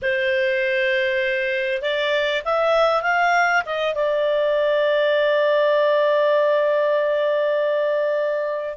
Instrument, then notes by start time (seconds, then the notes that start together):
clarinet
0.02 C5
1.82 D5
2.44 E5
3.02 F5
3.65 D#5
3.94 D5